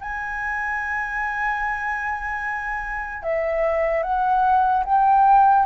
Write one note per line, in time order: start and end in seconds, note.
0.00 3.22 G#5
3.22 4.02 E5
4.02 4.84 F#5
4.85 5.65 G5